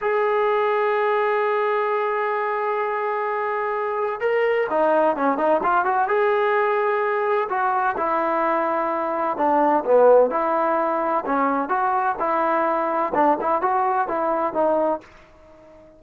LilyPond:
\new Staff \with { instrumentName = "trombone" } { \time 4/4 \tempo 4 = 128 gis'1~ | gis'1~ | gis'4 ais'4 dis'4 cis'8 dis'8 | f'8 fis'8 gis'2. |
fis'4 e'2. | d'4 b4 e'2 | cis'4 fis'4 e'2 | d'8 e'8 fis'4 e'4 dis'4 | }